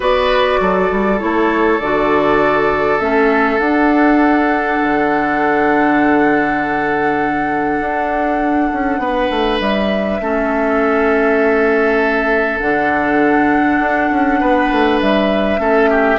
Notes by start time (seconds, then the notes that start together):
0.00 B3 F#4 B4 D5
0.60 F#3 A4
0.91 G3
1.19 A3 E4 C#5
1.79 D3 F#4 D5
2.99 A3 C#4 E5
3.58 D4 F#5
4.82 D3
7.80 D4
8.72 C#4
8.98 B3 B4
9.30 A3
9.60 G3 E5
10.20 A3 C#4 A4
12.59 D3 D4 F#5
13.79 D4
14.10 C#4
14.39 B3 B4
14.71 A3
15.00 G3 E5
15.58 A3 C#4 A4
15.90 G4